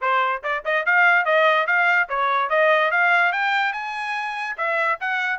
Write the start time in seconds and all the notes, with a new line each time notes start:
0.01 C5
0.43 D5
0.64 D#5
0.85 F5
1.25 D#5
1.66 F5
2.08 C#5
2.49 D#5
2.91 F5
3.32 G5
3.73 G#5
4.57 E5
5.00 F#5